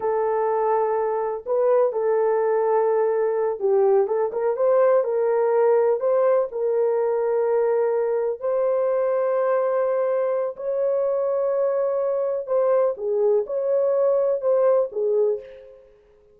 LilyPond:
\new Staff \with { instrumentName = "horn" } { \time 4/4 \tempo 4 = 125 a'2. b'4 | a'2.~ a'8 g'8~ | g'8 a'8 ais'8 c''4 ais'4.~ | ais'8 c''4 ais'2~ ais'8~ |
ais'4. c''2~ c''8~ | c''2 cis''2~ | cis''2 c''4 gis'4 | cis''2 c''4 gis'4 | }